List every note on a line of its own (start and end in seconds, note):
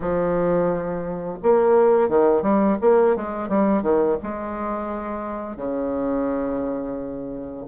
0.00 1.38 F3
1.43 2.08 A#3
2.08 2.42 D#3
2.42 2.77 G3
2.81 3.16 A#3
3.16 3.49 G#3
3.49 3.82 G3
3.82 4.17 D#3
4.22 5.56 G#3
5.56 7.65 C#3